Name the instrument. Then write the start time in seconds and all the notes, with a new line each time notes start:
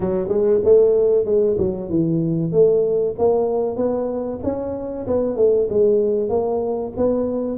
tuba
0.00 F#3
0.28 G#3
0.64 A3
1.25 G#3
1.58 F#3
1.89 E3
2.51 A3
3.18 A#3
3.76 B3
4.43 C#4
5.06 B3
5.36 A3
5.69 G#3
6.29 A#3
6.96 B3